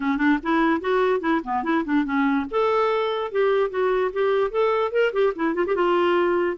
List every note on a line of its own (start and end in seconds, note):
0.00 0.17 C#4
0.17 0.38 D4
0.43 0.81 E4
0.81 1.20 F#4
1.20 1.41 E4
1.43 1.63 B3
1.63 1.84 E4
1.85 2.04 D4
2.04 2.45 C#4
2.50 3.31 A4
3.31 3.70 G4
3.70 4.11 F#4
4.12 4.51 G4
4.51 4.91 A4
4.91 5.12 A#4
5.12 5.33 G4
5.35 5.54 E4
5.54 5.65 F4
5.66 5.75 G4
5.75 6.57 F4